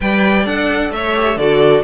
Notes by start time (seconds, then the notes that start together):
0.00 G3 B4 D5 G5
0.44 D4 A4 F#5
0.90 A3 C#5 E5
1.15 G4
1.36 D3 F#4 A4 D5